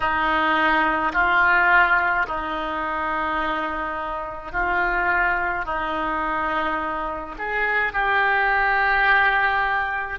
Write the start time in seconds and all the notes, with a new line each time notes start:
0.00 D#4
1.13 F4
2.26 D#4
4.52 F4
5.65 D#4
7.38 G#4
7.92 G4